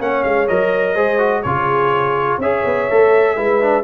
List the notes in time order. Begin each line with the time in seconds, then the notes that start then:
0.00 A#3 C#4 C#5 F#5
0.24 G#3 F5
0.48 F#3 A#4 D#5
0.95 G#3 G#4 C5
1.19 F#4
1.43 C#3 F4 G#4 C#5
2.39 C#4 G#4 C#5 E5
2.65 B3
2.91 A3 A4
3.36 G#3 E4 B4
3.62 D4